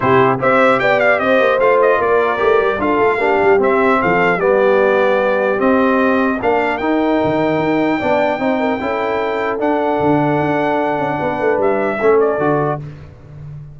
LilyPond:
<<
  \new Staff \with { instrumentName = "trumpet" } { \time 4/4 \tempo 4 = 150 c''4 e''4 g''8 f''8 dis''4 | f''8 dis''8 d''2 f''4~ | f''4 e''4 f''4 d''4~ | d''2 dis''2 |
f''4 g''2.~ | g''1 | fis''1~ | fis''4 e''4. d''4. | }
  \new Staff \with { instrumentName = "horn" } { \time 4/4 g'4 c''4 d''4 c''4~ | c''4 ais'2 a'4 | g'2 a'4 g'4~ | g'1 |
ais'1 | d''4 c''8 ais'8 a'2~ | a'1 | b'2 a'2 | }
  \new Staff \with { instrumentName = "trombone" } { \time 4/4 e'4 g'2. | f'2 g'4 f'4 | d'4 c'2 b4~ | b2 c'2 |
d'4 dis'2. | d'4 dis'4 e'2 | d'1~ | d'2 cis'4 fis'4 | }
  \new Staff \with { instrumentName = "tuba" } { \time 4/4 c4 c'4 b4 c'8 ais8 | a4 ais4 a8 g8 d'8 a8 | ais8 g8 c'4 f4 g4~ | g2 c'2 |
ais4 dis'4 dis4 dis'4 | b4 c'4 cis'2 | d'4 d4 d'4. cis'8 | b8 a8 g4 a4 d4 | }
>>